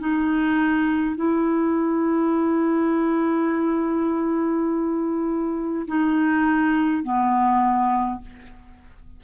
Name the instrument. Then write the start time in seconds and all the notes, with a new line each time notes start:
clarinet
0.00 D#4
1.17 E4
5.88 D#4
7.04 B3